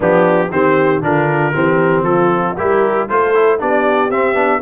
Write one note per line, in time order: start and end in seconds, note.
0.00 0.50 F3
0.00 0.47 B3
0.00 0.50 D4
0.00 0.51 G4
0.50 1.02 D#3
0.50 1.01 C4
0.50 1.03 G4
0.50 1.02 C5
1.01 1.53 D3
1.01 1.53 D4
1.01 1.54 F4
1.01 2.04 A#4
1.53 2.03 E3
1.53 2.55 C4
1.53 2.06 G4
2.03 2.54 F3
2.03 2.56 F4
2.03 2.55 A4
2.56 3.09 G3
2.56 3.09 E4
2.56 3.08 G4
2.56 3.07 A#4
3.08 3.61 A3
3.08 3.34 F4
3.08 3.59 A4
3.08 3.60 C5
3.34 3.58 E4
3.58 4.10 B3
3.58 4.10 D4
3.58 4.62 G4
3.58 4.11 D5
4.10 4.34 C4
4.10 4.62 E5
4.34 4.59 B3
4.34 4.60 D4